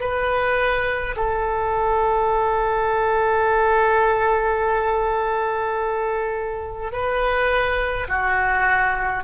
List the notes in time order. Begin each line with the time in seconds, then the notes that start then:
0.00 B4
1.16 A4
6.92 B4
8.08 F#4